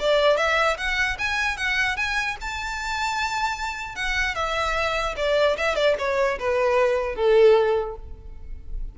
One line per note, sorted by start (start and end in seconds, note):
0.00 0.37 D5
0.37 0.77 E5
0.78 1.18 F#5
1.19 1.57 G#5
1.57 1.97 F#5
1.97 2.37 G#5
2.42 3.96 A5
3.96 4.35 F#5
4.35 5.15 E5
5.17 5.57 D5
5.57 5.76 E5
5.76 5.96 D5
5.99 6.39 C#5
6.39 7.16 B4
7.16 7.96 A4